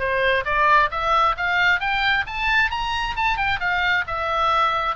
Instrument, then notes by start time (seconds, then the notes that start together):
oboe
0.00 C5
0.46 D5
0.92 E5
1.38 F5
1.81 G5
2.27 A5
2.71 A#5
3.17 A5
3.38 G5
3.60 F5
4.07 E5